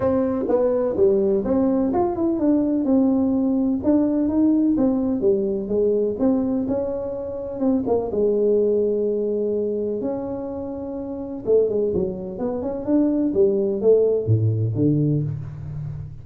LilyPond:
\new Staff \with { instrumentName = "tuba" } { \time 4/4 \tempo 4 = 126 c'4 b4 g4 c'4 | f'8 e'8 d'4 c'2 | d'4 dis'4 c'4 g4 | gis4 c'4 cis'2 |
c'8 ais8 gis2.~ | gis4 cis'2. | a8 gis8 fis4 b8 cis'8 d'4 | g4 a4 a,4 d4 | }